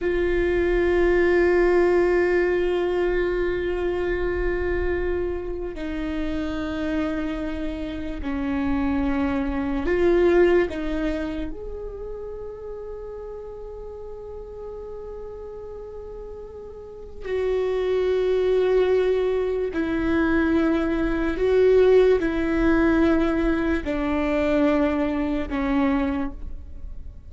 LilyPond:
\new Staff \with { instrumentName = "viola" } { \time 4/4 \tempo 4 = 73 f'1~ | f'2. dis'4~ | dis'2 cis'2 | f'4 dis'4 gis'2~ |
gis'1~ | gis'4 fis'2. | e'2 fis'4 e'4~ | e'4 d'2 cis'4 | }